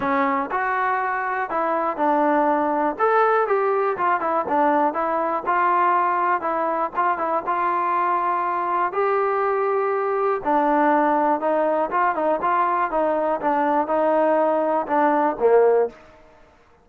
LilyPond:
\new Staff \with { instrumentName = "trombone" } { \time 4/4 \tempo 4 = 121 cis'4 fis'2 e'4 | d'2 a'4 g'4 | f'8 e'8 d'4 e'4 f'4~ | f'4 e'4 f'8 e'8 f'4~ |
f'2 g'2~ | g'4 d'2 dis'4 | f'8 dis'8 f'4 dis'4 d'4 | dis'2 d'4 ais4 | }